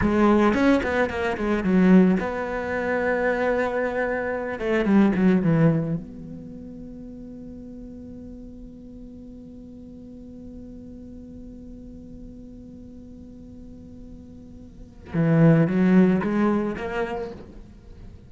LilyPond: \new Staff \with { instrumentName = "cello" } { \time 4/4 \tempo 4 = 111 gis4 cis'8 b8 ais8 gis8 fis4 | b1~ | b8 a8 g8 fis8 e4 b4~ | b1~ |
b1~ | b1~ | b1 | e4 fis4 gis4 ais4 | }